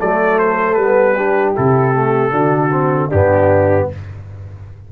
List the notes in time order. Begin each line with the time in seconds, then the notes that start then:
0.00 F#3 A3 A4 D5
0.38 C5
0.74 G3 B4
0.81 B3
1.15 D4 G4
1.55 C3 E4 A4
1.94 A3
2.31 D3 D4 F#4
2.71 C4
3.09 G2 B3 D4 G4